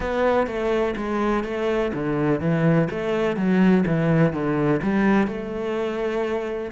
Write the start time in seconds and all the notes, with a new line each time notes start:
0.00 B3
0.46 A3
0.96 G#3
1.44 A3
1.93 D3
2.40 E3
2.90 A3
3.36 F#3
3.86 E3
4.32 D3
4.82 G3
5.27 A3